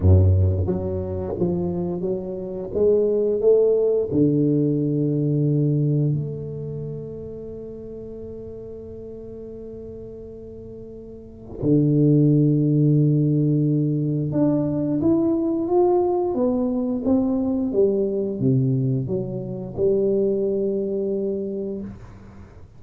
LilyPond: \new Staff \with { instrumentName = "tuba" } { \time 4/4 \tempo 4 = 88 fis,4 fis4 f4 fis4 | gis4 a4 d2~ | d4 a2.~ | a1~ |
a4 d2.~ | d4 d'4 e'4 f'4 | b4 c'4 g4 c4 | fis4 g2. | }